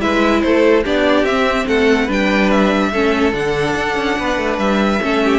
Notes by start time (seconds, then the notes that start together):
0.00 G#3 E4 B4 E5
0.41 A3 A4 C5
0.83 B3 D4 G4 D5
1.24 C4 E5
1.67 A3 A4 F#5
2.04 G3 D4 B4
2.12 G5
2.50 E5
2.91 A3 C#4 A4
3.31 D3 D4 F#5
3.76 D4
3.96 C#4
4.18 B3 B4
4.37 A3
4.58 G3 E5
5.01 A3 C#4 A4
5.24 G4